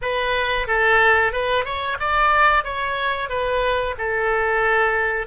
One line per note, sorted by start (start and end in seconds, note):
0.01 0.67 B4
0.67 1.32 A4
1.32 1.65 B4
1.65 1.98 C#5
1.99 2.63 D5
2.63 3.29 C#5
3.29 3.95 B4
3.97 5.26 A4